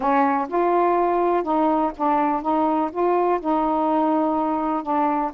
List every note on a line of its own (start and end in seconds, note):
0.00 0.47 C#4
0.48 1.43 F4
1.43 1.91 D#4
1.96 2.41 D4
2.41 2.90 D#4
2.91 3.40 F4
3.40 4.82 D#4
4.82 5.31 D4